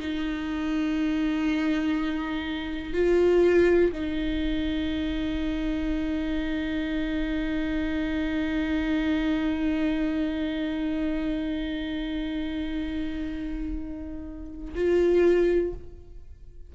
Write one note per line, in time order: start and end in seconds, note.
0.00 2.93 D#4
2.93 3.92 F4
3.92 14.74 D#4
14.75 15.73 F4